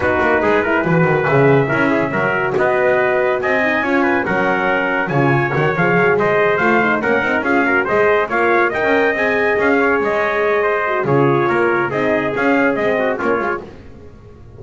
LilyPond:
<<
  \new Staff \with { instrumentName = "trumpet" } { \time 4/4 \tempo 4 = 141 b'2. e''4~ | e''2 dis''2 | gis''2 fis''2 | gis''4 fis''8 f''4 dis''4 f''8~ |
f''8 fis''4 f''4 dis''4 f''8~ | f''8 g''4 gis''4 f''4 dis''8~ | dis''2 cis''2 | dis''4 f''4 dis''4 cis''4 | }
  \new Staff \with { instrumentName = "trumpet" } { \time 4/4 fis'4 gis'8 ais'8 b'2 | ais'8 gis'8 ais'4 b'2 | dis''4 cis''8 b'8 ais'2 | cis''2~ cis''8 c''4.~ |
c''8 ais'4 gis'8 ais'8 c''4 cis''8~ | cis''8 dis''2~ dis''8 cis''4~ | cis''4 c''4 gis'4 ais'4 | gis'2~ gis'8 fis'8 f'4 | }
  \new Staff \with { instrumentName = "horn" } { \time 4/4 dis'4. e'8 fis'4 gis'4 | e'4 fis'2.~ | fis'8 dis'8 f'4 cis'2 | f'4 fis'8 gis'2 f'8 |
dis'8 cis'8 dis'8 f'8 fis'8 gis'4 f'8~ | f'8 ais'4 gis'2~ gis'8~ | gis'4. fis'8 f'2 | dis'4 cis'4 c'4 cis'8 f'8 | }
  \new Staff \with { instrumentName = "double bass" } { \time 4/4 b8 ais8 gis4 e8 dis8 cis4 | cis'4 fis4 b2 | c'4 cis'4 fis2 | cis4 dis8 f8 fis8 gis4 a8~ |
a8 ais8 c'8 cis'4 gis4 ais8~ | ais8 dis'16 cis'8. c'4 cis'4 gis8~ | gis2 cis4 ais4 | c'4 cis'4 gis4 ais8 gis8 | }
>>